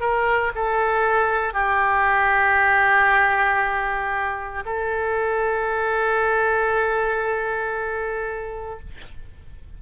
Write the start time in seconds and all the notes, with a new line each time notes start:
0.00 A#4
0.55 A4
1.53 G4
4.66 A4